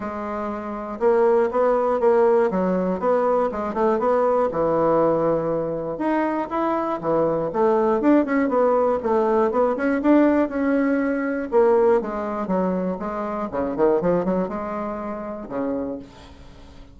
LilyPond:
\new Staff \with { instrumentName = "bassoon" } { \time 4/4 \tempo 4 = 120 gis2 ais4 b4 | ais4 fis4 b4 gis8 a8 | b4 e2. | dis'4 e'4 e4 a4 |
d'8 cis'8 b4 a4 b8 cis'8 | d'4 cis'2 ais4 | gis4 fis4 gis4 cis8 dis8 | f8 fis8 gis2 cis4 | }